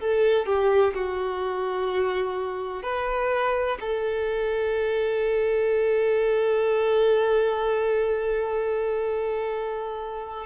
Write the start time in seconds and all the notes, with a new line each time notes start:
0.00 A4
0.46 G4
0.94 F#4
2.83 B4
3.81 A4